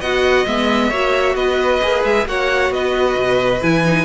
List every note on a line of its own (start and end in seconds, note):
0.00 0.45 B3
0.00 0.46 F#4
0.00 0.89 D#5
0.00 0.46 F#5
0.46 0.90 G#3
0.46 0.91 B3
0.46 1.36 E5
0.89 1.35 A#3
0.89 1.82 F#4
0.89 1.34 C#5
1.35 1.80 B3
1.35 2.26 B4
1.35 2.03 D#5
1.82 2.04 A#3
1.82 2.27 G#4
2.04 2.25 G#3
2.04 2.27 E5
2.25 2.70 A#3
2.25 3.61 F#4
2.25 2.74 C#5
2.25 2.72 F#5
2.70 3.15 B3
2.70 4.04 B4
2.70 3.62 D#5
3.16 3.61 B2
3.61 4.04 E3
3.61 3.84 E4
3.61 4.04 G#5
3.85 4.04 D#4